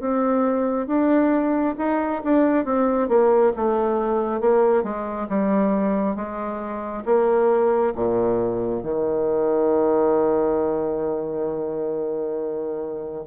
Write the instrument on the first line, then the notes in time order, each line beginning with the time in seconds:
bassoon
0.00 C4
0.87 D4
1.78 D#4
2.24 D4
2.65 C4
3.08 A#3
3.56 A3
4.40 A#3
4.83 G#3
5.29 G3
6.16 G#3
7.05 A#3
7.95 A#2
8.83 D#3